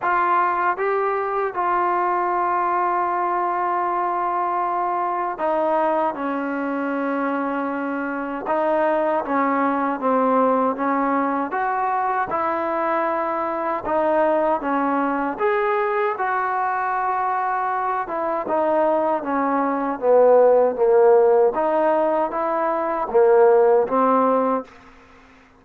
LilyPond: \new Staff \with { instrumentName = "trombone" } { \time 4/4 \tempo 4 = 78 f'4 g'4 f'2~ | f'2. dis'4 | cis'2. dis'4 | cis'4 c'4 cis'4 fis'4 |
e'2 dis'4 cis'4 | gis'4 fis'2~ fis'8 e'8 | dis'4 cis'4 b4 ais4 | dis'4 e'4 ais4 c'4 | }